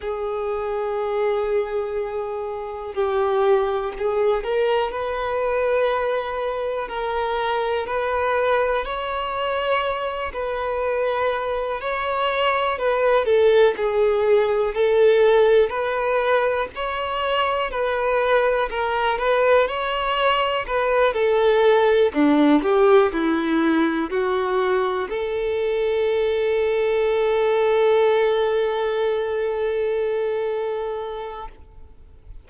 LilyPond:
\new Staff \with { instrumentName = "violin" } { \time 4/4 \tempo 4 = 61 gis'2. g'4 | gis'8 ais'8 b'2 ais'4 | b'4 cis''4. b'4. | cis''4 b'8 a'8 gis'4 a'4 |
b'4 cis''4 b'4 ais'8 b'8 | cis''4 b'8 a'4 d'8 g'8 e'8~ | e'8 fis'4 a'2~ a'8~ | a'1 | }